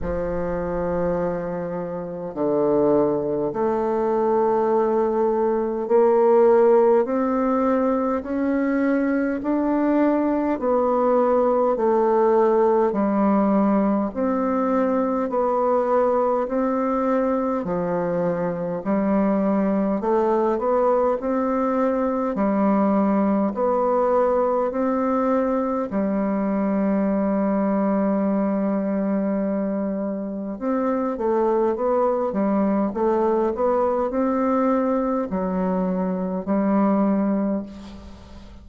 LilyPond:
\new Staff \with { instrumentName = "bassoon" } { \time 4/4 \tempo 4 = 51 f2 d4 a4~ | a4 ais4 c'4 cis'4 | d'4 b4 a4 g4 | c'4 b4 c'4 f4 |
g4 a8 b8 c'4 g4 | b4 c'4 g2~ | g2 c'8 a8 b8 g8 | a8 b8 c'4 fis4 g4 | }